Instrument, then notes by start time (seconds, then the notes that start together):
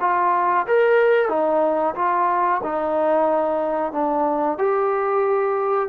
trombone
0.00 F4
0.67 A#4
1.29 D#4
1.95 F4
2.63 D#4
3.92 D4
4.58 G4